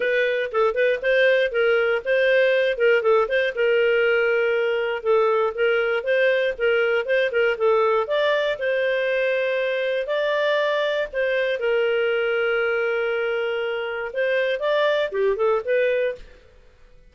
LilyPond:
\new Staff \with { instrumentName = "clarinet" } { \time 4/4 \tempo 4 = 119 b'4 a'8 b'8 c''4 ais'4 | c''4. ais'8 a'8 c''8 ais'4~ | ais'2 a'4 ais'4 | c''4 ais'4 c''8 ais'8 a'4 |
d''4 c''2. | d''2 c''4 ais'4~ | ais'1 | c''4 d''4 g'8 a'8 b'4 | }